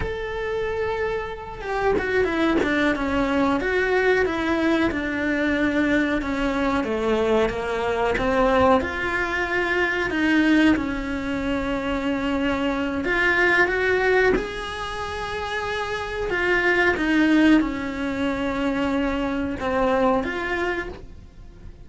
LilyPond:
\new Staff \with { instrumentName = "cello" } { \time 4/4 \tempo 4 = 92 a'2~ a'8 g'8 fis'8 e'8 | d'8 cis'4 fis'4 e'4 d'8~ | d'4. cis'4 a4 ais8~ | ais8 c'4 f'2 dis'8~ |
dis'8 cis'2.~ cis'8 | f'4 fis'4 gis'2~ | gis'4 f'4 dis'4 cis'4~ | cis'2 c'4 f'4 | }